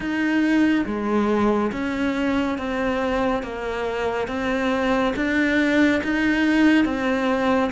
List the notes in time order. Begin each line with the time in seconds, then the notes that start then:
0.00 D#4
0.86 G#3
1.72 C#4
2.58 C4
3.42 A#3
4.27 C4
5.15 D4
6.03 D#4
6.85 C4